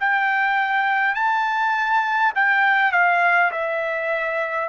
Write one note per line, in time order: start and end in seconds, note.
0.00 1.15 G5
1.15 2.33 A5
2.35 2.92 G5
2.92 3.51 F5
3.51 4.68 E5